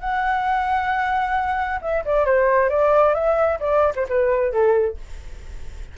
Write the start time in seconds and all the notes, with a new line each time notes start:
0.00 F#5
1.81 E5
2.05 D5
2.25 C5
2.69 D5
3.14 E5
3.59 D5
3.95 C5
4.08 B4
4.52 A4